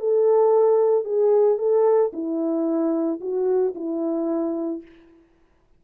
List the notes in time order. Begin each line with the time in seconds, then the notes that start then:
0.00 A4
1.05 G#4
1.58 A4
2.13 E4
3.20 F#4
3.75 E4